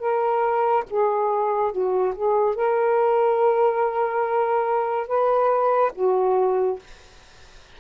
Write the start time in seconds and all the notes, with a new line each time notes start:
0.00 A#4
0.90 G#4
1.72 F#4
2.16 G#4
2.56 A#4
5.08 B4
5.95 F#4